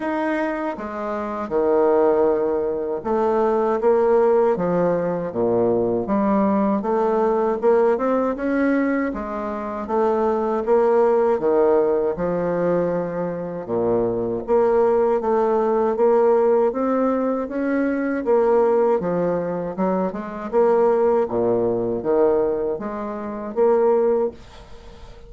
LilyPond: \new Staff \with { instrumentName = "bassoon" } { \time 4/4 \tempo 4 = 79 dis'4 gis4 dis2 | a4 ais4 f4 ais,4 | g4 a4 ais8 c'8 cis'4 | gis4 a4 ais4 dis4 |
f2 ais,4 ais4 | a4 ais4 c'4 cis'4 | ais4 f4 fis8 gis8 ais4 | ais,4 dis4 gis4 ais4 | }